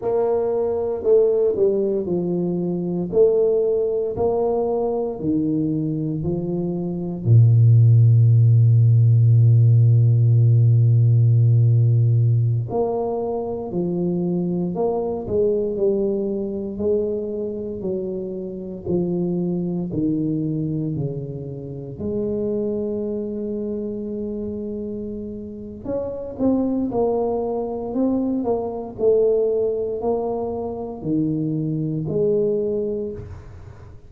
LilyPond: \new Staff \with { instrumentName = "tuba" } { \time 4/4 \tempo 4 = 58 ais4 a8 g8 f4 a4 | ais4 dis4 f4 ais,4~ | ais,1~ | ais,16 ais4 f4 ais8 gis8 g8.~ |
g16 gis4 fis4 f4 dis8.~ | dis16 cis4 gis2~ gis8.~ | gis4 cis'8 c'8 ais4 c'8 ais8 | a4 ais4 dis4 gis4 | }